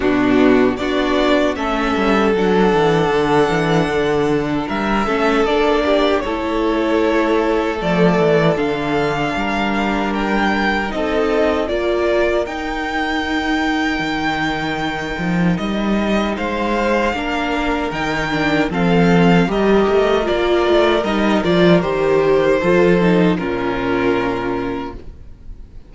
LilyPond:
<<
  \new Staff \with { instrumentName = "violin" } { \time 4/4 \tempo 4 = 77 fis'4 d''4 e''4 fis''4~ | fis''2 e''4 d''4 | cis''2 d''4 f''4~ | f''4 g''4 dis''4 d''4 |
g''1 | dis''4 f''2 g''4 | f''4 dis''4 d''4 dis''8 d''8 | c''2 ais'2 | }
  \new Staff \with { instrumentName = "violin" } { \time 4/4 d'4 fis'4 a'2~ | a'2 ais'8 a'4 g'8 | a'1 | ais'2 a'4 ais'4~ |
ais'1~ | ais'4 c''4 ais'2 | a'4 ais'2.~ | ais'4 a'4 f'2 | }
  \new Staff \with { instrumentName = "viola" } { \time 4/4 b4 d'4 cis'4 d'4~ | d'2~ d'8 cis'8 d'4 | e'2 a4 d'4~ | d'2 dis'4 f'4 |
dis'1~ | dis'2 d'4 dis'8 d'8 | c'4 g'4 f'4 dis'8 f'8 | g'4 f'8 dis'8 cis'2 | }
  \new Staff \with { instrumentName = "cello" } { \time 4/4 b,4 b4 a8 g8 fis8 e8 | d8 e8 d4 g8 a8 ais4 | a2 f8 e8 d4 | g2 c'4 ais4 |
dis'2 dis4. f8 | g4 gis4 ais4 dis4 | f4 g8 a8 ais8 a8 g8 f8 | dis4 f4 ais,2 | }
>>